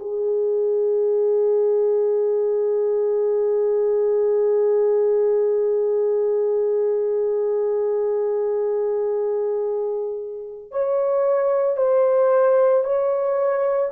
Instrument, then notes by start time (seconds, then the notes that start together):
horn
0.00 G#4
10.71 C#5
11.77 C5
12.84 C#5